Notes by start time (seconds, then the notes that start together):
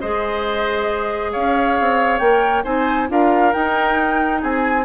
0.00 G#3 G#4 C5 D#5
1.32 C#4 C#5 F5
1.80 C4
2.19 A#3 A#4 G5
2.64 C4 D#4 C5 G#5
3.08 D4 F4 A#4 F5
3.53 D#4 G5
4.42 C4 G#4 G#5